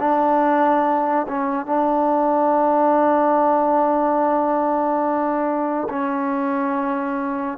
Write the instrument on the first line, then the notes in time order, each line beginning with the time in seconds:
trombone
0.00 D4
1.28 C#4
1.66 D4
5.89 C#4